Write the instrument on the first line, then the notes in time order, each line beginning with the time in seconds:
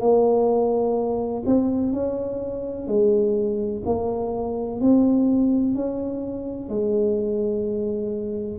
tuba
0.00 A#3
1.45 C4
1.93 C#4
2.87 G#3
3.85 A#3
4.80 C4
5.74 C#4
6.69 G#3